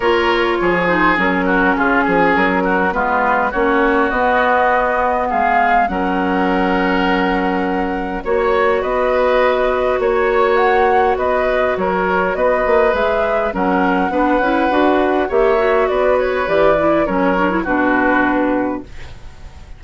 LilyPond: <<
  \new Staff \with { instrumentName = "flute" } { \time 4/4 \tempo 4 = 102 cis''4. c''8 ais'4 gis'4 | ais'4 b'4 cis''4 dis''4~ | dis''4 f''4 fis''2~ | fis''2 cis''4 dis''4~ |
dis''4 cis''4 fis''4 dis''4 | cis''4 dis''4 e''4 fis''4~ | fis''2 e''4 d''8 cis''8 | d''4 cis''4 b'2 | }
  \new Staff \with { instrumentName = "oboe" } { \time 4/4 ais'4 gis'4. fis'8 f'8 gis'8~ | gis'8 fis'8 f'4 fis'2~ | fis'4 gis'4 ais'2~ | ais'2 cis''4 b'4~ |
b'4 cis''2 b'4 | ais'4 b'2 ais'4 | b'2 cis''4 b'4~ | b'4 ais'4 fis'2 | }
  \new Staff \with { instrumentName = "clarinet" } { \time 4/4 f'4. dis'8 cis'2~ | cis'4 b4 cis'4 b4~ | b2 cis'2~ | cis'2 fis'2~ |
fis'1~ | fis'2 gis'4 cis'4 | d'8 e'8 fis'4 g'8 fis'4. | g'8 e'8 cis'8 d'16 e'16 d'2 | }
  \new Staff \with { instrumentName = "bassoon" } { \time 4/4 ais4 f4 fis4 cis8 f8 | fis4 gis4 ais4 b4~ | b4 gis4 fis2~ | fis2 ais4 b4~ |
b4 ais2 b4 | fis4 b8 ais8 gis4 fis4 | b8 cis'8 d'4 ais4 b4 | e4 fis4 b,2 | }
>>